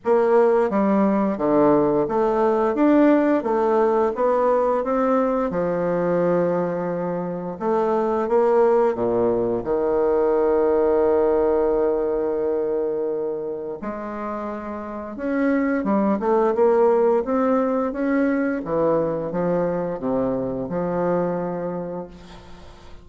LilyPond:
\new Staff \with { instrumentName = "bassoon" } { \time 4/4 \tempo 4 = 87 ais4 g4 d4 a4 | d'4 a4 b4 c'4 | f2. a4 | ais4 ais,4 dis2~ |
dis1 | gis2 cis'4 g8 a8 | ais4 c'4 cis'4 e4 | f4 c4 f2 | }